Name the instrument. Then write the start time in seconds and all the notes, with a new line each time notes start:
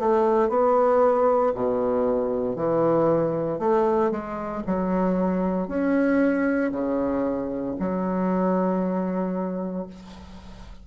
bassoon
0.00 A3
0.50 B3
1.55 B2
2.56 E3
3.60 A3
4.11 G#3
4.67 F#3
5.68 C#4
6.72 C#3
7.80 F#3